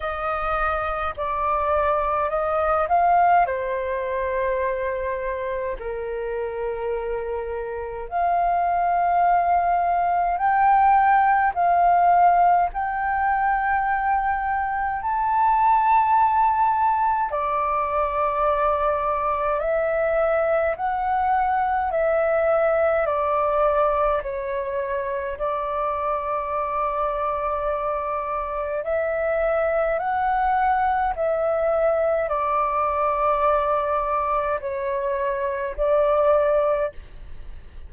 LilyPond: \new Staff \with { instrumentName = "flute" } { \time 4/4 \tempo 4 = 52 dis''4 d''4 dis''8 f''8 c''4~ | c''4 ais'2 f''4~ | f''4 g''4 f''4 g''4~ | g''4 a''2 d''4~ |
d''4 e''4 fis''4 e''4 | d''4 cis''4 d''2~ | d''4 e''4 fis''4 e''4 | d''2 cis''4 d''4 | }